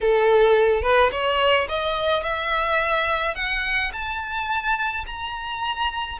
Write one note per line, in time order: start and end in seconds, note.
0.00 0.82 A4
0.82 1.10 B4
1.11 1.67 C#5
1.68 2.23 D#5
2.23 3.35 E5
3.35 3.91 F#5
3.92 5.04 A5
5.06 6.18 A#5